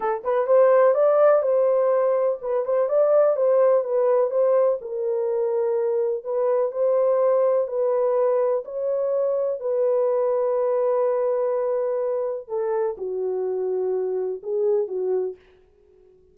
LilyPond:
\new Staff \with { instrumentName = "horn" } { \time 4/4 \tempo 4 = 125 a'8 b'8 c''4 d''4 c''4~ | c''4 b'8 c''8 d''4 c''4 | b'4 c''4 ais'2~ | ais'4 b'4 c''2 |
b'2 cis''2 | b'1~ | b'2 a'4 fis'4~ | fis'2 gis'4 fis'4 | }